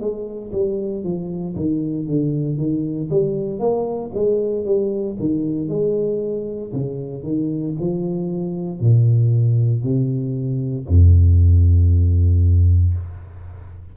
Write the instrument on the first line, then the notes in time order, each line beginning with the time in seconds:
tuba
0.00 G#3
0.52 G3
1.04 F3
1.56 D#3
2.06 D3
2.57 D#3
3.10 G3
3.59 A#3
4.14 G#3
4.65 G3
5.19 D#3
5.68 G#3
6.72 C#3
7.23 D#3
7.80 F3
8.80 A#2
9.83 C3
10.87 F2